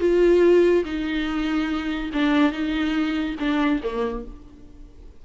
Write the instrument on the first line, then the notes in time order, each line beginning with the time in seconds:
viola
0.00 F4
0.84 D#4
2.13 D4
2.52 D#4
3.39 D4
3.83 A#3